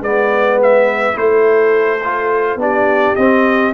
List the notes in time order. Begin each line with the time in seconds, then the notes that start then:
0.00 G#3 B3 B4 D5
0.62 E5
1.13 A3 E4 A4 C5
2.03 F4
2.56 B3 D4 G4 D5
3.15 C4 D#5